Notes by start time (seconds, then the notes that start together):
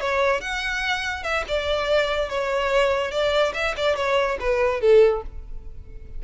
0.00 C#5
0.41 F#5
1.23 E5
1.48 D5
2.29 C#5
3.11 D5
3.54 E5
3.77 D5
3.96 C#5
4.40 B4
4.80 A4